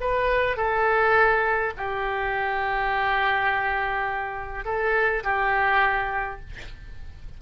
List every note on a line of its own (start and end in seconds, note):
0.00 0.56 B4
0.56 1.73 A4
1.77 4.65 G4
4.65 5.23 A4
5.23 6.40 G4